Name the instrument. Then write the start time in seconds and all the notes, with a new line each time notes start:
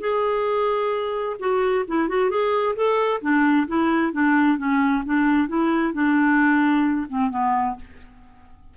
clarinet
0.00 G#4
1.39 F#4
1.88 E4
2.08 F#4
2.30 G#4
2.76 A4
3.21 D4
3.67 E4
4.12 D4
4.58 C#4
5.05 D4
5.48 E4
5.93 D4
7.08 C4
7.30 B3